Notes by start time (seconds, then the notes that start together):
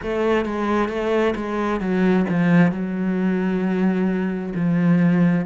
0.02 A3
0.45 G#3
0.89 A3
1.35 G#3
1.80 F#3
2.29 F3
2.71 F#3
4.55 F3